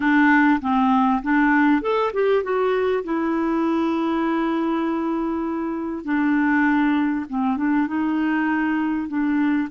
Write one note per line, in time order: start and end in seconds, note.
0.00 0.60 D4
0.61 1.21 C4
1.22 1.81 D4
1.81 2.12 A4
2.13 2.43 G4
2.43 3.03 F#4
3.04 6.04 E4
6.04 7.25 D4
7.29 7.56 C4
7.56 7.87 D4
7.87 9.07 D#4
9.07 9.68 D4